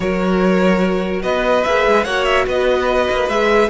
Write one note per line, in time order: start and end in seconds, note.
0.00 1.22 F#3
0.00 1.64 F#4
0.00 1.22 A#4
0.00 1.22 C#5
1.22 1.64 B3
1.22 2.04 B4
1.22 1.63 D#5
1.63 1.86 A#3
1.63 2.06 G#4
1.63 2.04 E5
1.86 2.05 G#3
2.04 2.46 A#3
2.04 3.30 F#4
2.04 2.45 C#5
2.04 2.24 F#5
2.24 2.44 E5
2.46 3.08 B3
2.46 3.69 B4
2.46 3.29 D#5
3.10 3.28 A#3
3.28 3.69 G#3
3.28 3.69 G#4
3.28 3.69 E5